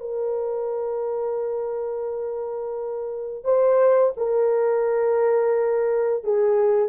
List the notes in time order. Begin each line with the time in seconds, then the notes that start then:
0.00 A#4
3.44 C5
4.17 A#4
6.23 G#4